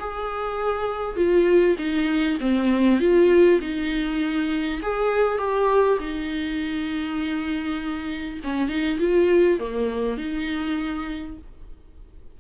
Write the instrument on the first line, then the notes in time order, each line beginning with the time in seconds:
viola
0.00 G#4
1.17 F4
1.78 D#4
2.40 C4
3.00 F4
3.61 D#4
4.82 G#4
5.38 G4
6.00 D#4
8.44 C#4
8.69 D#4
9.00 F4
9.60 A#3
10.18 D#4